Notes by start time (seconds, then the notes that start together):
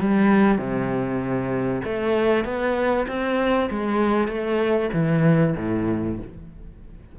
0.00 G3
0.58 C3
1.84 A3
2.45 B3
3.08 C4
3.71 G#3
4.28 A3
4.93 E3
5.57 A2